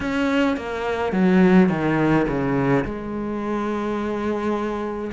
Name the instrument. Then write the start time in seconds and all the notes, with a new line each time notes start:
cello
0.00 C#4
0.56 A#3
1.12 F#3
1.69 D#3
2.27 C#3
2.85 G#3